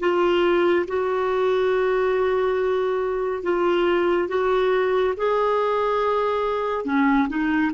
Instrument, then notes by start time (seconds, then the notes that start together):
clarinet
0.00 F4
0.87 F#4
3.43 F4
4.28 F#4
5.17 G#4
6.85 C#4
7.29 D#4